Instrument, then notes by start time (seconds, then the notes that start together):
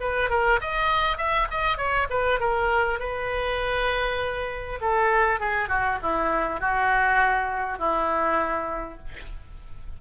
oboe
0.00 B4
0.30 A#4
0.61 D#5
1.18 E5
1.51 D#5
1.78 C#5
2.10 B4
2.40 A#4
2.99 B4
4.81 A4
5.40 G#4
5.69 F#4
6.02 E4
6.61 F#4
7.78 E4